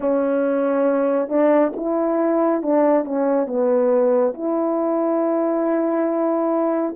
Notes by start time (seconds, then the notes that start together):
0.00 C#4
1.28 D4
1.75 E4
2.62 D4
3.04 C#4
3.47 B3
4.34 E4